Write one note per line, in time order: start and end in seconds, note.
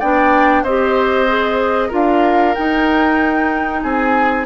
0.00 0.63 B3
0.00 0.66 D4
0.00 0.64 D5
0.00 0.64 G5
0.63 1.91 C4
0.63 1.28 G4
0.63 1.89 C5
0.63 1.92 D#5
1.28 1.90 G#4
1.89 2.57 D4
1.89 2.54 F4
1.89 3.80 A#4
1.89 2.55 F5
2.55 4.47 D#4
2.55 3.84 D#4
2.55 3.82 G5
3.83 4.47 C4
3.83 4.47 G#4
3.83 4.47 G#5